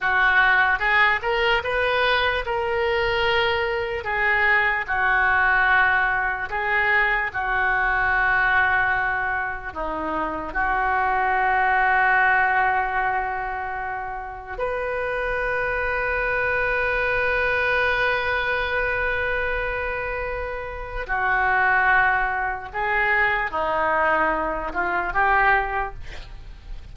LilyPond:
\new Staff \with { instrumentName = "oboe" } { \time 4/4 \tempo 4 = 74 fis'4 gis'8 ais'8 b'4 ais'4~ | ais'4 gis'4 fis'2 | gis'4 fis'2. | dis'4 fis'2.~ |
fis'2 b'2~ | b'1~ | b'2 fis'2 | gis'4 dis'4. f'8 g'4 | }